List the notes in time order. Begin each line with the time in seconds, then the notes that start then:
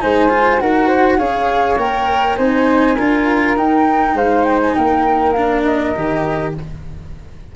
0.00 G#3 D#4 C5 G#5
0.30 F4
0.60 D#4 F#4 A#4 F#5
0.88 C5
1.19 C#4 G#4 C#5 F5
1.78 A#3 A#4 G5
2.37 C4 D#4 C5 G#5
2.96 D4 F4 A#4
3.57 D#4 G5
4.14 G#3 C5 F5
4.45 G5
4.62 G#5
4.76 A#3 A#4 G5
5.33 D4 F5
5.64 D#5
5.95 D#3 G4